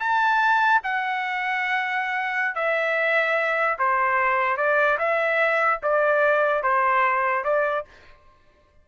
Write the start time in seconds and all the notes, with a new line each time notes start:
0.00 A5
0.84 F#5
2.55 E5
3.79 C5
4.57 D5
4.99 E5
5.83 D5
6.63 C5
7.45 D5